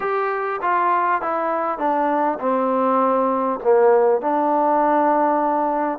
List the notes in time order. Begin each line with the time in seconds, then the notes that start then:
0.00 G4
0.61 F4
1.21 E4
1.78 D4
2.39 C4
3.63 A#3
4.21 D4